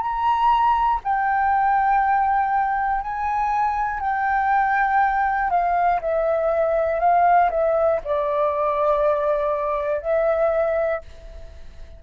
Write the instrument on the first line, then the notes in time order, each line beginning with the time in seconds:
flute
0.00 A#5
1.04 G5
3.01 G#5
4.00 G5
5.50 F5
6.01 E5
7.00 F5
7.50 E5
8.04 D5
10.01 E5